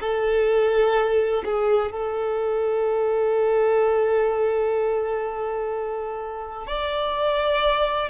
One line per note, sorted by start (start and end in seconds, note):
0.00 1.43 A4
1.45 1.91 G#4
1.91 6.67 A4
6.67 8.09 D5